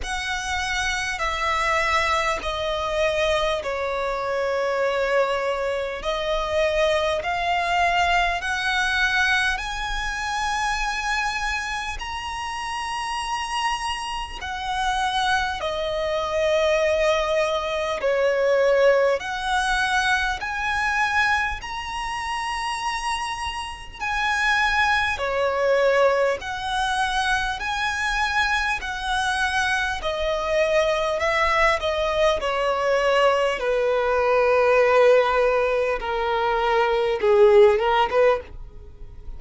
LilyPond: \new Staff \with { instrumentName = "violin" } { \time 4/4 \tempo 4 = 50 fis''4 e''4 dis''4 cis''4~ | cis''4 dis''4 f''4 fis''4 | gis''2 ais''2 | fis''4 dis''2 cis''4 |
fis''4 gis''4 ais''2 | gis''4 cis''4 fis''4 gis''4 | fis''4 dis''4 e''8 dis''8 cis''4 | b'2 ais'4 gis'8 ais'16 b'16 | }